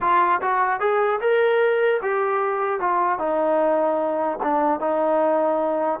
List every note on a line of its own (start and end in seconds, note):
0.01 0.41 F4
0.41 0.80 F#4
0.80 1.20 G#4
1.20 2.00 A#4
2.02 2.79 G4
2.79 3.18 F4
3.18 4.38 D#4
4.42 4.79 D4
4.79 5.99 D#4